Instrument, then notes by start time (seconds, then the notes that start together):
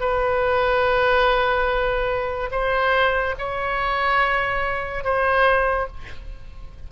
oboe
0.00 B4
2.52 C5
3.39 C#5
5.04 C5